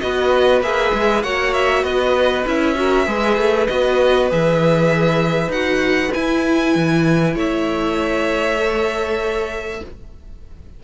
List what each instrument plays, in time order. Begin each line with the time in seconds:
0.00 cello B3, viola F#4, violin B4 D#5
0.61 cello A#3, viola G#4, violin E5
0.93 cello G#3
1.23 cello A#3, viola F#4, violin C#5 F#5
1.53 violin E5
1.83 cello B3, violin B4 D#5
2.47 cello C#4, viola E4, violin E5
2.75 viola F#4, violin A#4
3.05 cello G#3, viola G#4, violin B4
3.37 cello A3
3.67 cello B3, viola F#4, violin D#5
4.29 cello E3, viola G#4, violin E5
5.48 cello D#4, viola F#4, violin F#5
6.12 viola E4, cello E4, violin G#5
6.75 cello E3
7.34 cello A3, violin C#5 E5
8.57 viola A4